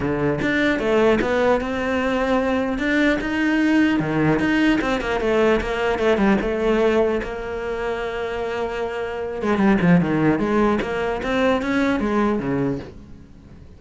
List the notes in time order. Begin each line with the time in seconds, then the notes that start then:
0.00 D3
0.41 D4
0.79 A3
1.21 B3
1.60 C4
2.78 D4
3.20 D#4
3.99 D#3
4.39 D#4
4.81 C4
5.01 A#3
5.20 A3
5.60 A#3
5.98 A3
6.17 G3
6.41 A3
7.23 A#3
9.41 G#3
9.57 G3
9.81 F3
10.01 D#3
10.39 G#3
10.81 A#3
11.22 C4
11.62 C#4
12.00 G#3
12.39 C#3